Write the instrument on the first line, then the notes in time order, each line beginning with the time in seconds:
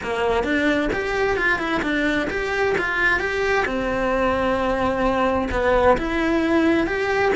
cello
0.03 A#3
0.43 D4
0.92 G4
1.36 F4
1.58 E4
1.82 D4
2.29 G4
2.78 F4
3.19 G4
3.65 C4
5.51 B3
5.97 E4
6.86 G4